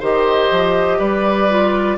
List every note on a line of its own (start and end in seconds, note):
0.00 0.50 D#3
0.00 1.49 G4
0.00 0.98 C5
0.00 1.00 D#5
0.51 1.00 F3
0.99 1.98 G3
0.99 1.97 B4
0.99 1.98 D5
1.49 1.98 F4